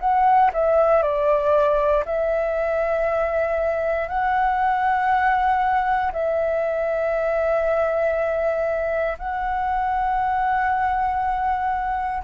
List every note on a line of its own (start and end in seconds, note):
0.00 0.51 F#5
0.54 1.03 E5
1.03 2.04 D5
2.06 4.09 E5
4.09 6.12 F#5
6.12 9.18 E5
9.18 12.24 F#5